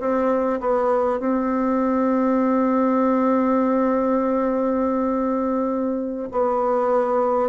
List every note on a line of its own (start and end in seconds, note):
0.00 0.60 C4
0.61 1.19 B3
1.19 6.29 C4
6.32 7.49 B3